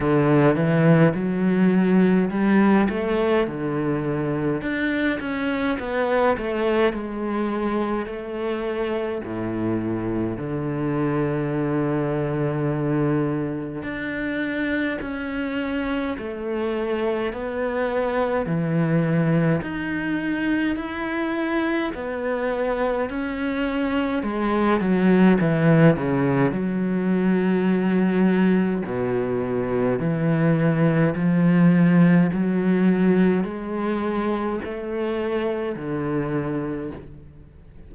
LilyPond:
\new Staff \with { instrumentName = "cello" } { \time 4/4 \tempo 4 = 52 d8 e8 fis4 g8 a8 d4 | d'8 cis'8 b8 a8 gis4 a4 | a,4 d2. | d'4 cis'4 a4 b4 |
e4 dis'4 e'4 b4 | cis'4 gis8 fis8 e8 cis8 fis4~ | fis4 b,4 e4 f4 | fis4 gis4 a4 d4 | }